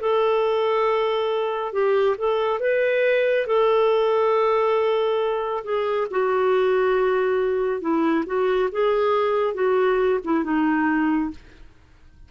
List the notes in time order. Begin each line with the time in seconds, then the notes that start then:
0.00 A4
1.72 G4
2.17 A4
2.59 B4
3.46 A4
5.64 G#4
6.10 F#4
7.81 E4
8.26 F#4
8.72 G#4
9.54 F#4
10.24 E4
10.43 D#4